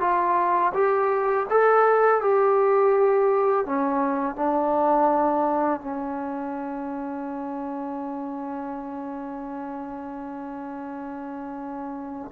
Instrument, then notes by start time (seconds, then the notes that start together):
trombone
0.00 F4
0.74 G4
1.50 A4
2.21 G4
3.65 C#4
4.36 D4
5.80 C#4